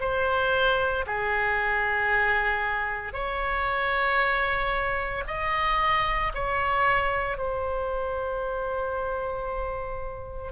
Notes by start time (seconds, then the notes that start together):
0.00 C5
1.07 G#4
3.13 C#5
5.27 D#5
6.35 C#5
7.38 C5